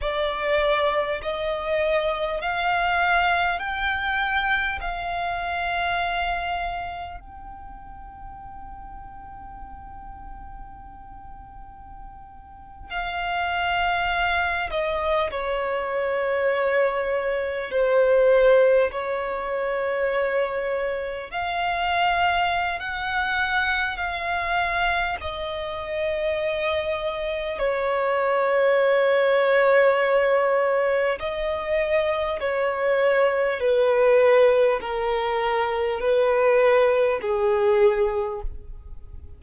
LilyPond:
\new Staff \with { instrumentName = "violin" } { \time 4/4 \tempo 4 = 50 d''4 dis''4 f''4 g''4 | f''2 g''2~ | g''2~ g''8. f''4~ f''16~ | f''16 dis''8 cis''2 c''4 cis''16~ |
cis''4.~ cis''16 f''4~ f''16 fis''4 | f''4 dis''2 cis''4~ | cis''2 dis''4 cis''4 | b'4 ais'4 b'4 gis'4 | }